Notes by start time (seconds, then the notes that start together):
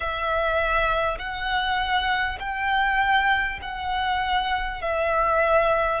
0.00 E5
1.18 F#5
2.39 G5
3.62 F#5
4.81 E5